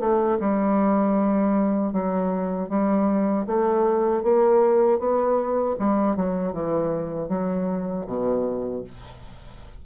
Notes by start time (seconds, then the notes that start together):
0.00 A3
0.40 G3
1.93 F#3
2.69 G3
3.47 A3
4.23 A#3
4.99 B3
5.79 G3
6.17 F#3
6.53 E3
7.29 F#3
8.07 B2